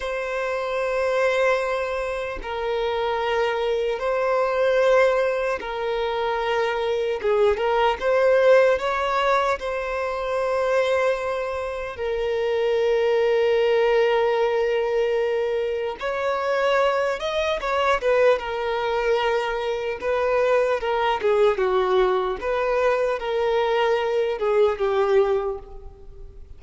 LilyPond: \new Staff \with { instrumentName = "violin" } { \time 4/4 \tempo 4 = 75 c''2. ais'4~ | ais'4 c''2 ais'4~ | ais'4 gis'8 ais'8 c''4 cis''4 | c''2. ais'4~ |
ais'1 | cis''4. dis''8 cis''8 b'8 ais'4~ | ais'4 b'4 ais'8 gis'8 fis'4 | b'4 ais'4. gis'8 g'4 | }